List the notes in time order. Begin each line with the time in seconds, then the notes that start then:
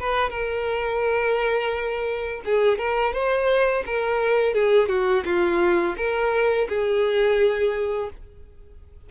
0.00 B4
0.30 A#4
2.45 G#4
2.78 A#4
3.13 C5
3.86 A#4
4.54 G#4
4.89 F#4
5.25 F4
5.97 A#4
6.69 G#4